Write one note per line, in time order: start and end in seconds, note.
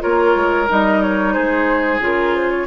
0.00 0.36 A#3
0.00 0.67 F4
0.00 1.34 A#4
0.00 0.69 C#5
0.36 0.69 G#3
0.70 1.38 G3
0.70 2.01 D#4
0.70 1.02 D#5
1.02 1.34 C#5
1.34 2.00 G#3
1.34 2.67 G#4
1.34 2.00 C5
2.00 2.67 C#3
2.00 2.67 F4
2.00 2.36 A#4
2.36 2.51 C5
2.51 2.67 C#5